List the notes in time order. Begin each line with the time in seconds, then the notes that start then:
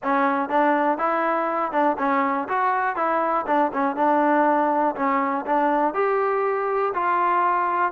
0.03 C#4
0.49 D4
0.98 E4
1.72 D4
1.98 C#4
2.48 F#4
2.95 E4
3.47 D4
3.73 C#4
3.96 D4
4.95 C#4
5.46 D4
5.93 G4
6.94 F4